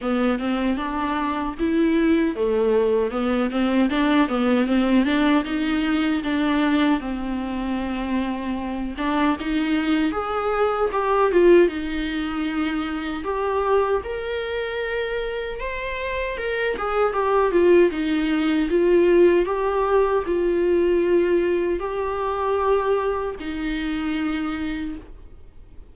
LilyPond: \new Staff \with { instrumentName = "viola" } { \time 4/4 \tempo 4 = 77 b8 c'8 d'4 e'4 a4 | b8 c'8 d'8 b8 c'8 d'8 dis'4 | d'4 c'2~ c'8 d'8 | dis'4 gis'4 g'8 f'8 dis'4~ |
dis'4 g'4 ais'2 | c''4 ais'8 gis'8 g'8 f'8 dis'4 | f'4 g'4 f'2 | g'2 dis'2 | }